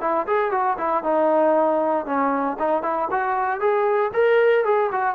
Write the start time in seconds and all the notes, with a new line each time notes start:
0.00 E4
0.27 G#4
0.51 F#4
0.77 E4
1.03 D#4
2.05 C#4
2.59 D#4
2.82 E4
3.11 F#4
3.60 G#4
4.13 A#4
4.64 G#4
4.91 F#4